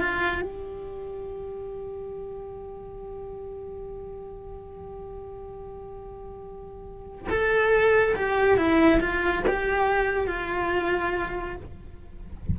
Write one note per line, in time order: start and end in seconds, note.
0.00 0.42 F4
0.42 7.27 G4
7.30 8.15 A4
8.16 8.58 G4
8.58 9.00 E4
9.00 9.43 F4
9.48 10.27 G4
10.27 11.56 F4